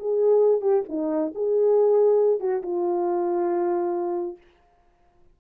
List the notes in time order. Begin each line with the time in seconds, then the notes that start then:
0.00 G#4
0.62 G4
0.89 D#4
1.35 G#4
2.40 F#4
2.63 F4